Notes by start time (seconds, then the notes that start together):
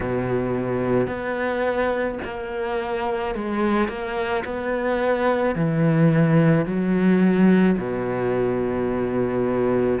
0.00 B2
1.07 B3
2.24 A#3
3.34 G#3
3.88 A#3
4.44 B3
5.55 E3
6.65 F#3
7.77 B2